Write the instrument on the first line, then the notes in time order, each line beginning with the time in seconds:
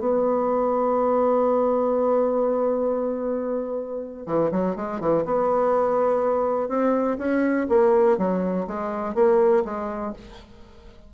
bassoon
0.00 B3
4.27 E3
4.52 F#3
4.76 G#3
5.01 E3
5.25 B3
6.69 C4
7.19 C#4
7.69 A#3
8.18 F#3
8.68 G#3
9.15 A#3
9.65 G#3